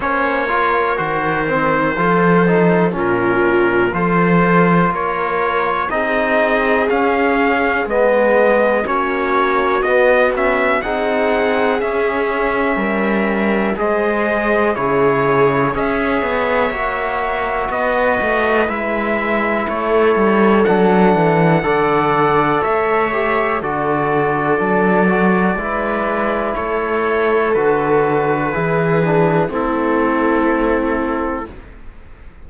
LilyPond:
<<
  \new Staff \with { instrumentName = "trumpet" } { \time 4/4 \tempo 4 = 61 cis''4 c''2 ais'4 | c''4 cis''4 dis''4 f''4 | dis''4 cis''4 dis''8 e''8 fis''4 | e''2 dis''4 cis''4 |
e''2 dis''4 e''4 | cis''4 fis''2 e''4 | d''2. cis''4 | b'2 a'2 | }
  \new Staff \with { instrumentName = "viola" } { \time 4/4 c''8 ais'4. a'4 f'4 | a'4 ais'4 gis'2~ | gis'4 fis'2 gis'4~ | gis'4 ais'4 c''4 gis'4 |
cis''2 b'2 | a'2 d''4 cis''4 | a'2 b'4 a'4~ | a'4 gis'4 e'2 | }
  \new Staff \with { instrumentName = "trombone" } { \time 4/4 cis'8 f'8 fis'8 c'8 f'8 dis'8 cis'4 | f'2 dis'4 cis'4 | b4 cis'4 b8 cis'8 dis'4 | cis'2 gis'4 e'4 |
gis'4 fis'2 e'4~ | e'4 d'4 a'4. g'8 | fis'4 d'8 fis'8 e'2 | fis'4 e'8 d'8 c'2 | }
  \new Staff \with { instrumentName = "cello" } { \time 4/4 ais4 dis4 f4 ais,4 | f4 ais4 c'4 cis'4 | gis4 ais4 b4 c'4 | cis'4 g4 gis4 cis4 |
cis'8 b8 ais4 b8 a8 gis4 | a8 g8 fis8 e8 d4 a4 | d4 fis4 gis4 a4 | d4 e4 a2 | }
>>